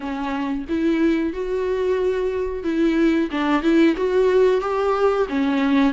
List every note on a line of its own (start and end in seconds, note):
0.00 0.65 C#4
0.69 1.33 E4
1.33 2.63 F#4
2.63 3.29 E4
3.31 3.62 D4
3.62 3.95 E4
3.96 4.61 F#4
4.61 5.27 G4
5.28 5.93 C#4